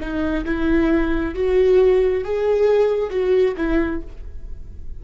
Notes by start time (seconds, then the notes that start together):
0.00 D#4
0.45 E4
1.35 F#4
2.25 G#4
3.11 F#4
3.57 E4